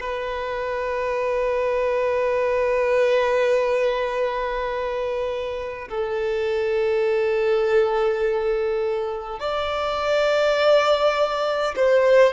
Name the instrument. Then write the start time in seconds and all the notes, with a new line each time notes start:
violin
0.00 B4
5.89 A4
9.40 D5
11.76 C5